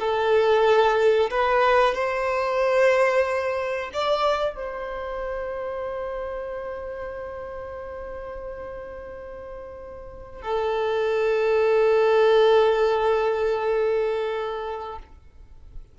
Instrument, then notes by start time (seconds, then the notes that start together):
violin
0.00 A4
1.31 B4
1.95 C5
3.93 D5
4.56 C5
10.43 A4